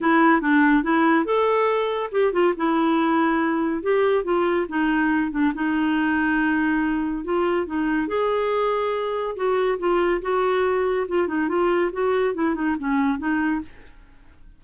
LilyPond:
\new Staff \with { instrumentName = "clarinet" } { \time 4/4 \tempo 4 = 141 e'4 d'4 e'4 a'4~ | a'4 g'8 f'8 e'2~ | e'4 g'4 f'4 dis'4~ | dis'8 d'8 dis'2.~ |
dis'4 f'4 dis'4 gis'4~ | gis'2 fis'4 f'4 | fis'2 f'8 dis'8 f'4 | fis'4 e'8 dis'8 cis'4 dis'4 | }